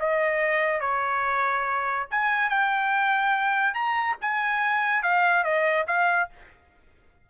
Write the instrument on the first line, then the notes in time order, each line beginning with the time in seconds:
trumpet
0.00 D#5
0.81 C#5
2.11 G#5
2.50 G5
3.74 A#5
4.21 G#5
5.03 F5
5.44 D#5
5.87 F5